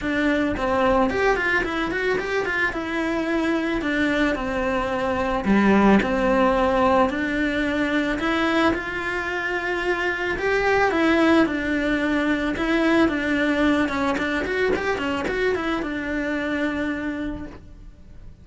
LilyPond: \new Staff \with { instrumentName = "cello" } { \time 4/4 \tempo 4 = 110 d'4 c'4 g'8 f'8 e'8 fis'8 | g'8 f'8 e'2 d'4 | c'2 g4 c'4~ | c'4 d'2 e'4 |
f'2. g'4 | e'4 d'2 e'4 | d'4. cis'8 d'8 fis'8 g'8 cis'8 | fis'8 e'8 d'2. | }